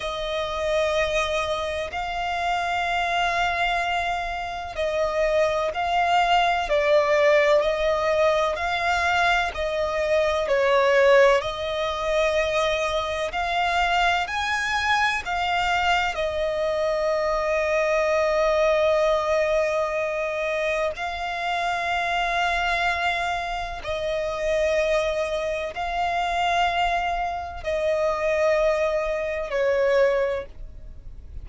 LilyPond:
\new Staff \with { instrumentName = "violin" } { \time 4/4 \tempo 4 = 63 dis''2 f''2~ | f''4 dis''4 f''4 d''4 | dis''4 f''4 dis''4 cis''4 | dis''2 f''4 gis''4 |
f''4 dis''2.~ | dis''2 f''2~ | f''4 dis''2 f''4~ | f''4 dis''2 cis''4 | }